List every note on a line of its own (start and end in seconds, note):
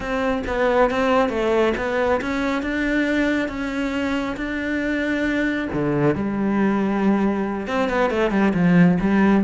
0.00 0.42 C4
0.46 0.90 B3
0.90 1.29 C4
1.29 1.73 A3
1.77 2.20 B3
2.21 2.62 C#4
2.62 3.48 D4
3.48 4.36 C#4
4.37 5.68 D4
5.73 6.15 D3
6.15 7.67 G3
7.67 7.89 C4
7.89 8.10 B3
8.10 8.31 A3
8.31 8.52 G3
8.54 8.97 F3
9.00 9.44 G3